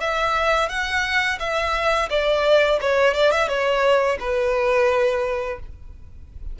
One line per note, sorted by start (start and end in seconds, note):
0.00 0.69 E5
0.69 1.39 F#5
1.39 2.09 E5
2.10 2.79 D5
2.81 3.14 C#5
3.14 3.31 D5
3.31 3.48 E5
3.48 4.18 C#5
4.20 5.59 B4